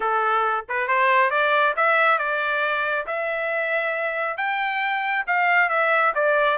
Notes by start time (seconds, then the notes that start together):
0.00 A4
0.68 B4
0.87 C5
1.30 D5
1.76 E5
2.18 D5
3.06 E5
4.37 G5
5.27 F5
5.69 E5
6.14 D5